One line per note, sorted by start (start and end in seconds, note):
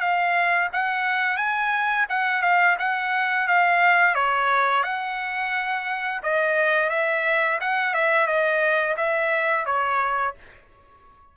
0.00 0.69 F5
0.73 1.37 F#5
1.37 2.06 G#5
2.09 2.42 F#5
2.42 2.77 F5
2.79 3.48 F#5
3.48 4.15 F5
4.15 4.83 C#5
4.83 6.21 F#5
6.23 6.90 D#5
6.90 7.59 E5
7.61 7.94 F#5
7.94 8.27 E5
8.27 8.96 D#5
8.97 9.66 E5
9.66 10.34 C#5